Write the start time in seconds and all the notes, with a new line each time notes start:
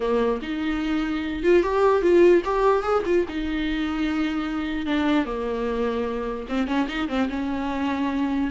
0.00 A#3
0.42 D#4
1.43 F4
1.62 G4
2.02 F4
2.45 G4
2.82 G#4
3.05 F4
3.28 D#4
4.86 D4
5.25 A#3
6.48 C4
6.67 C#4
6.88 D#4
7.08 C4
7.29 C#4